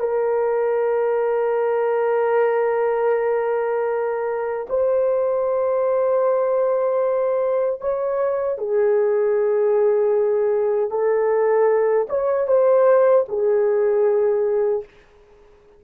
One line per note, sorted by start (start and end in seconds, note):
0.00 4.67 A#4
4.69 7.81 C5
7.81 8.58 C#5
8.58 10.91 G#4
10.91 12.08 A4
12.10 12.48 C#5
12.48 13.26 C5
13.29 14.84 G#4